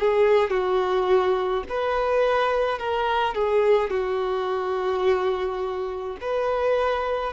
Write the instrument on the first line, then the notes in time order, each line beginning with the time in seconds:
violin
0.00 G#4
0.51 F#4
1.69 B4
2.79 A#4
3.35 G#4
3.91 F#4
6.22 B4